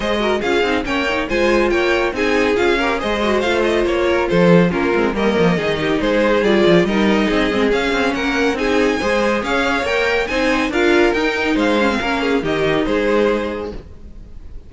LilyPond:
<<
  \new Staff \with { instrumentName = "violin" } { \time 4/4 \tempo 4 = 140 dis''4 f''4 g''4 gis''4 | g''4 gis''4 f''4 dis''4 | f''8 dis''8 cis''4 c''4 ais'4 | dis''2 c''4 d''4 |
dis''2 f''4 fis''4 | gis''2 f''4 g''4 | gis''4 f''4 g''4 f''4~ | f''4 dis''4 c''2 | }
  \new Staff \with { instrumentName = "violin" } { \time 4/4 c''8 ais'8 gis'4 cis''4 c''4 | cis''4 gis'4. ais'8 c''4~ | c''4. ais'8 a'4 f'4 | ais'4 gis'8 g'8 gis'2 |
ais'4 gis'2 ais'4 | gis'4 c''4 cis''2 | c''4 ais'2 c''4 | ais'8 gis'8 g'4 gis'2 | }
  \new Staff \with { instrumentName = "viola" } { \time 4/4 gis'8 fis'8 f'8 dis'8 cis'8 dis'8 f'4~ | f'4 dis'4 f'8 g'8 gis'8 fis'8 | f'2. cis'8 c'8 | ais4 dis'2 f'4 |
dis'4. c'8 cis'2 | dis'4 gis'2 ais'4 | dis'4 f'4 dis'4. cis'16 c'16 | cis'4 dis'2. | }
  \new Staff \with { instrumentName = "cello" } { \time 4/4 gis4 cis'8 c'8 ais4 gis4 | ais4 c'4 cis'4 gis4 | a4 ais4 f4 ais8 gis8 | g8 f8 dis4 gis4 g8 f8 |
g4 c'8 gis8 cis'8 c'8 ais4 | c'4 gis4 cis'4 ais4 | c'4 d'4 dis'4 gis4 | ais4 dis4 gis2 | }
>>